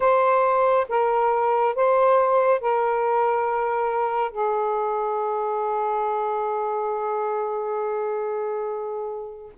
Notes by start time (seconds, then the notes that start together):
0.00 C5
0.88 A#4
1.75 C5
2.60 A#4
4.31 G#4